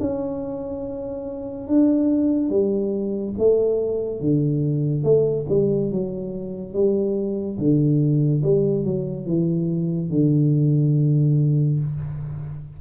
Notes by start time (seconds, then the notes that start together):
0.00 C#4
1.68 D4
2.50 G3
3.38 A3
4.21 D3
5.04 A3
5.49 G3
5.91 F#3
6.74 G3
7.58 D3
8.44 G3
8.85 F#3
9.26 E3
10.10 D3